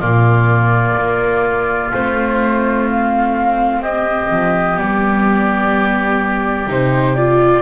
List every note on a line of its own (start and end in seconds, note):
0.00 0.97 A#2
0.00 1.93 A#3
0.00 3.81 F4
0.00 1.92 D5
0.97 1.92 A#3
1.93 3.81 A3
1.93 4.76 C4
1.93 2.89 C5
2.90 3.83 F5
3.81 4.29 C4
3.81 7.62 G4
3.81 4.78 D#5
4.31 4.78 F3
4.76 6.67 G3
4.76 6.66 B3
4.76 6.69 D5
6.67 7.62 C3
6.67 7.16 D#4
6.67 7.15 C5
7.15 7.62 F4
7.15 7.62 D5